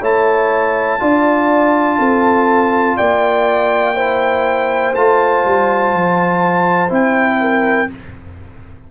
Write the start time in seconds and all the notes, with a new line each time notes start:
0.00 A3 E4 C#5 A5
1.00 D4 F4 D5
1.99 C4 A4
2.97 A#3 D5 G5
3.95 E4 C5
4.95 A3 F4 A5
5.44 G3
5.93 F3
6.89 C4 E4 G5
7.41 A#4